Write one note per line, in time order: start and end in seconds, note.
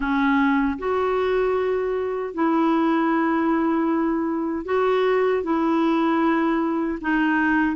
0.00 0.78 C#4
0.78 2.33 F#4
2.33 4.65 E4
4.65 5.43 F#4
5.43 6.98 E4
7.01 7.76 D#4